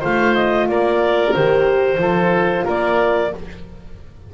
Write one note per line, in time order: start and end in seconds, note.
0.00 0.69 A3
0.00 1.33 F4
0.00 0.66 C5
0.00 0.35 F5
0.35 0.68 D#5
0.69 1.35 A#3
0.69 2.01 A#4
0.69 1.34 D5
1.34 1.97 D#3
1.34 2.00 G4
1.34 2.66 C5
1.97 2.63 F3
1.97 3.31 F4
1.97 2.65 A4
2.65 3.34 A#3
2.65 3.30 A#4
2.65 3.34 D5